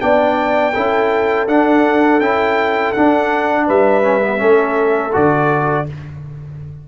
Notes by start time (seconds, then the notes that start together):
0.00 B3 D4 D5 G5
0.74 C#4 E4 A4
1.48 D4 F#5
2.20 C#4 E4 G5
2.93 D4 F#5
3.66 G3 B4 E5
4.02 C#4
4.21 B3
4.38 A3 C#4 A4
5.12 D3 F#4 D5